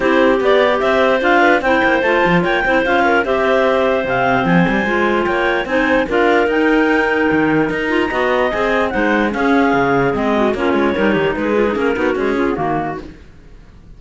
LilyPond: <<
  \new Staff \with { instrumentName = "clarinet" } { \time 4/4 \tempo 4 = 148 c''4 d''4 e''4 f''4 | g''4 a''4 g''4 f''4 | e''2 f''4 gis''4~ | gis''4 g''4 gis''4 f''4 |
g''2. ais''4~ | ais''4 gis''4 fis''4 f''4~ | f''4 dis''4 cis''2 | b'4 ais'4 gis'4 fis'4 | }
  \new Staff \with { instrumentName = "clarinet" } { \time 4/4 g'2 c''4. b'8 | c''2 cis''8 c''4 ais'8 | c''1~ | c''4 cis''4 c''4 ais'4~ |
ais'1 | dis''2 c''4 gis'4~ | gis'4. fis'8 f'4 ais'8 g'8 | gis'4. fis'4 f'8 fis'4 | }
  \new Staff \with { instrumentName = "clarinet" } { \time 4/4 e'4 g'2 f'4 | e'4 f'4. e'8 f'4 | g'2 c'2 | f'2 dis'4 f'4 |
dis'2.~ dis'8 f'8 | fis'4 gis'4 dis'4 cis'4~ | cis'4 c'4 cis'4 dis'4~ | dis'8 f'16 dis'16 cis'8 dis'8 gis8 cis'16 b16 ais4 | }
  \new Staff \with { instrumentName = "cello" } { \time 4/4 c'4 b4 c'4 d'4 | c'8 ais8 a8 f8 ais8 c'8 cis'4 | c'2 c4 f8 g8 | gis4 ais4 c'4 d'4 |
dis'2 dis4 dis'4 | b4 c'4 gis4 cis'4 | cis4 gis4 ais8 gis8 g8 dis8 | gis4 ais8 b8 cis'4 dis4 | }
>>